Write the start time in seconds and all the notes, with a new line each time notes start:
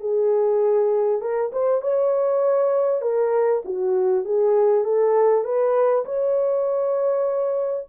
0.00 G#4
1.21 A#4
1.52 C5
1.82 C#5
3.02 A#4
3.65 F#4
4.25 G#4
4.85 A4
5.44 B4
6.05 C#5